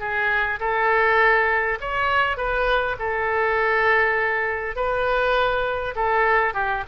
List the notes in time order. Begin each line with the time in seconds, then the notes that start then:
0.00 G#4
0.60 A4
1.81 C#5
2.37 B4
2.99 A4
4.76 B4
5.96 A4
6.54 G4